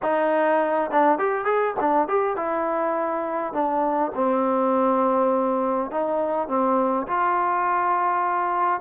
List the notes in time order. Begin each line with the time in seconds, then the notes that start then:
0.02 D#4
0.91 D4
1.18 G4
1.44 G#4
1.80 D4
2.08 G4
2.36 E4
3.53 D4
4.14 C4
5.90 D#4
6.47 C4
7.07 F4